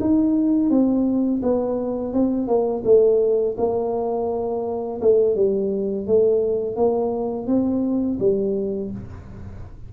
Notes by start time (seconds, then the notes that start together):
0.00 D#4
0.70 C4
1.42 B3
2.13 C4
2.47 A#3
2.84 A3
3.57 A#3
5.01 A3
5.35 G3
6.06 A3
6.76 A#3
7.47 C4
8.19 G3